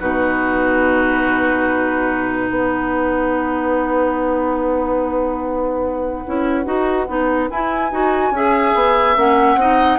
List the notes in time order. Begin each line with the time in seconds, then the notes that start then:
0.00 B2 D#4 F#4 B4
2.49 B3 B4 F#5
6.27 C#4 E4
6.65 D#4 F#4
7.08 B3 D#4
7.50 E4 G#5
7.92 D#4 F#4
8.32 C#4 G#4 E5
8.75 B3
9.17 A#3 C#4 F#5
9.56 C4 D#4 D#5